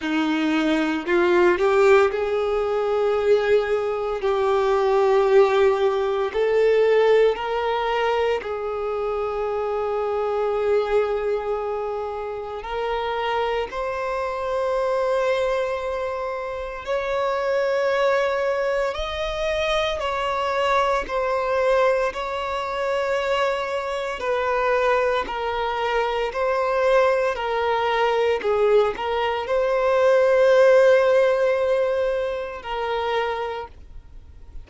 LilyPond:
\new Staff \with { instrumentName = "violin" } { \time 4/4 \tempo 4 = 57 dis'4 f'8 g'8 gis'2 | g'2 a'4 ais'4 | gis'1 | ais'4 c''2. |
cis''2 dis''4 cis''4 | c''4 cis''2 b'4 | ais'4 c''4 ais'4 gis'8 ais'8 | c''2. ais'4 | }